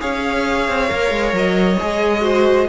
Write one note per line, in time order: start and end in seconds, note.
0.00 0.68 C#4
0.00 0.88 G#4
0.00 2.23 C#5
0.00 1.35 F5
0.68 0.91 C4
0.88 1.10 A#3
0.88 1.78 A#4
1.10 1.33 G#3
1.33 1.77 F#3
1.33 2.69 D#5
1.79 2.69 G#3
1.79 2.21 G#4
2.21 2.65 F#4
2.21 2.68 C5